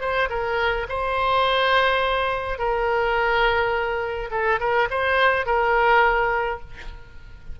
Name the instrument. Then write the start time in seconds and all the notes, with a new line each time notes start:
oboe
0.00 C5
0.29 A#4
0.89 C5
2.58 A#4
4.31 A4
4.60 A#4
4.90 C5
5.46 A#4